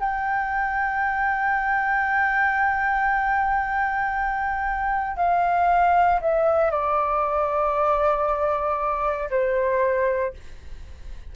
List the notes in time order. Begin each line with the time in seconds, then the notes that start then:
0.00 G5
5.17 F5
6.21 E5
6.71 D5
9.31 C5